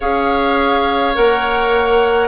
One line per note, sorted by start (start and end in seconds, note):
0.00 1.16 C#4
0.00 1.14 G#4
0.00 2.28 C#5
0.00 1.15 F5
1.14 2.28 A#3
1.14 2.28 A#4
1.14 2.28 F#5